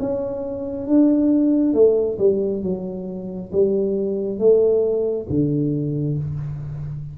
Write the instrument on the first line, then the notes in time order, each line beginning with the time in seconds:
tuba
0.00 C#4
0.87 D4
1.74 A3
2.19 G3
2.64 F#3
3.53 G3
4.39 A3
5.30 D3